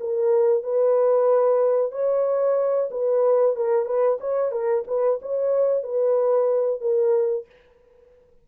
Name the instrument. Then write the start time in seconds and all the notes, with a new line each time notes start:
horn
0.00 A#4
0.63 B4
1.92 C#5
2.91 B4
3.56 A#4
3.86 B4
4.21 C#5
4.52 A#4
4.88 B4
5.22 C#5
5.84 B4
6.81 A#4